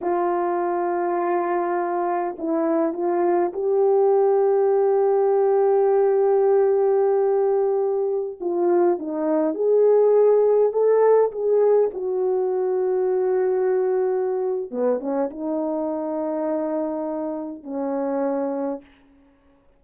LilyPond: \new Staff \with { instrumentName = "horn" } { \time 4/4 \tempo 4 = 102 f'1 | e'4 f'4 g'2~ | g'1~ | g'2~ g'16 f'4 dis'8.~ |
dis'16 gis'2 a'4 gis'8.~ | gis'16 fis'2.~ fis'8.~ | fis'4 b8 cis'8 dis'2~ | dis'2 cis'2 | }